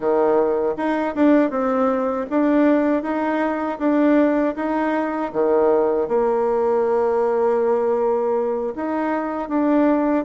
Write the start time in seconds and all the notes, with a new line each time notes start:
0.00 D#3
0.76 D#4
1.15 D4
1.50 C4
2.30 D4
3.02 D#4
3.78 D4
4.55 D#4
5.33 D#3
6.08 A#3
8.75 D#4
9.49 D4